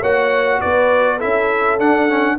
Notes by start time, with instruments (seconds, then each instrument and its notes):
0.00 tuba A#3, trombone F#4, horn C#5, trumpet F#5
0.61 tuba B3, horn B4, trumpet D5
1.17 trombone E4, horn A4, trumpet E5
1.23 tuba C#4
1.79 tuba D4, trombone D4, trumpet F#5
2.09 trombone C#4